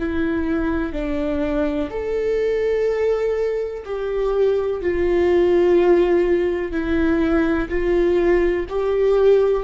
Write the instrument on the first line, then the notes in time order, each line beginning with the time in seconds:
viola
0.00 E4
0.93 D4
1.90 A4
3.85 G4
4.82 F4
6.72 E4
7.69 F4
8.69 G4